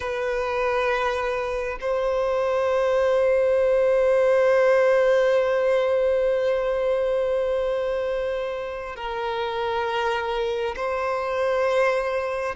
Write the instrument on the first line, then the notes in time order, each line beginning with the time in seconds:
violin
0.00 B4
1.81 C5
8.96 A#4
10.75 C5